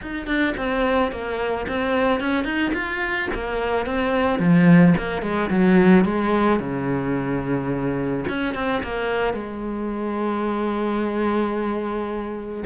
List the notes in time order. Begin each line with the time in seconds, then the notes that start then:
0.01 D#4
0.26 D4
0.57 C4
1.11 A#3
1.68 C4
2.20 C#4
2.44 D#4
2.73 F4
3.34 A#3
3.86 C4
4.39 F3
4.97 A#3
5.22 G#3
5.49 F#3
6.05 G#3
6.59 C#3
8.28 C#4
8.54 C4
8.83 A#3
9.33 G#3